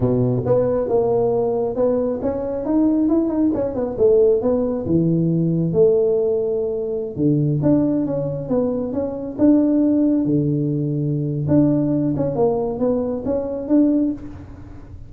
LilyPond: \new Staff \with { instrumentName = "tuba" } { \time 4/4 \tempo 4 = 136 b,4 b4 ais2 | b4 cis'4 dis'4 e'8 dis'8 | cis'8 b8 a4 b4 e4~ | e4 a2.~ |
a16 d4 d'4 cis'4 b8.~ | b16 cis'4 d'2 d8.~ | d2 d'4. cis'8 | ais4 b4 cis'4 d'4 | }